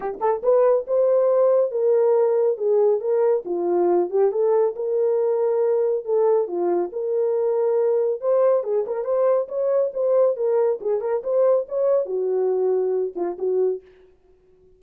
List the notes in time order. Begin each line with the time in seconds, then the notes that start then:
0.00 G4
0.20 A4
0.42 B4
0.87 C5
1.71 A#4
2.57 G#4
3.00 A#4
3.45 F4
4.10 G4
4.31 A4
4.75 A#4
6.05 A4
6.47 F4
6.92 A#4
8.20 C5
8.63 G#4
8.87 A#4
9.04 C5
9.48 C#5
9.93 C5
10.36 A#4
10.80 G#4
11.00 A#4
11.23 C5
11.68 C#5
12.05 F#4
13.15 F4
13.38 F#4